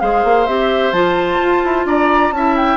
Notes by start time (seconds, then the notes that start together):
0.00 G#3 G#4 C5 F5
0.24 A#3
0.47 C4 G4 E5
0.92 F3 F4 A5
1.41 F4
1.64 E4
1.85 D4 D5 A#5
2.31 C#4 E4 E5 A5
2.56 G5